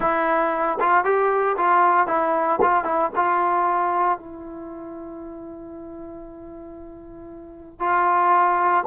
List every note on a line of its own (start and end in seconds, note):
0.00 0.78 E4
0.79 1.04 F4
1.04 1.56 G4
1.57 2.07 F4
2.07 2.59 E4
2.61 2.84 F4
2.84 3.10 E4
3.15 4.18 F4
4.18 7.79 E4
7.79 8.83 F4